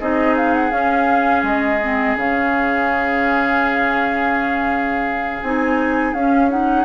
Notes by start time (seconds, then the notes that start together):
0.00 C4 D#4 G#4 D#5
0.37 F5
0.55 F#5
0.71 C#4 F5
1.43 G#3 D#5
1.82 C4
2.16 C#3 C#4 F5
5.43 C4 D#4 G#5
6.14 C#4 F5
6.50 D#4 F#5